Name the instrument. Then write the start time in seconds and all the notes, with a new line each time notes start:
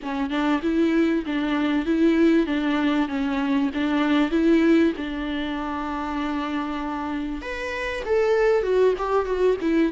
viola
0.02 C#4
0.30 D4
0.62 E4
1.26 D4
1.85 E4
2.46 D4
3.08 C#4
3.73 D4
4.30 E4
4.97 D4
7.41 B4
8.05 A4
8.63 F#4
8.97 G4
9.25 F#4
9.61 E4